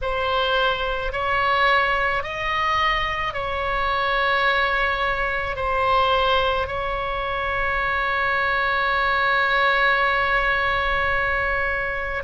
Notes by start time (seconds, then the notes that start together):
0.02 C5
1.12 C#5
2.23 D#5
3.33 C#5
5.56 C5
6.67 C#5